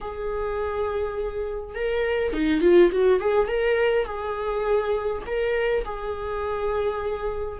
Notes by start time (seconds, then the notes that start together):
0.00 G#4
1.74 A#4
2.33 D#4
2.61 F4
2.91 F#4
3.19 G#4
3.47 A#4
4.05 G#4
5.26 A#4
5.84 G#4